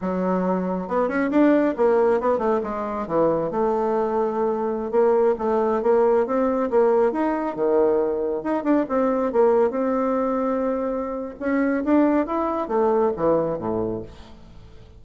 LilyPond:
\new Staff \with { instrumentName = "bassoon" } { \time 4/4 \tempo 4 = 137 fis2 b8 cis'8 d'4 | ais4 b8 a8 gis4 e4 | a2.~ a16 ais8.~ | ais16 a4 ais4 c'4 ais8.~ |
ais16 dis'4 dis2 dis'8 d'16~ | d'16 c'4 ais4 c'4.~ c'16~ | c'2 cis'4 d'4 | e'4 a4 e4 a,4 | }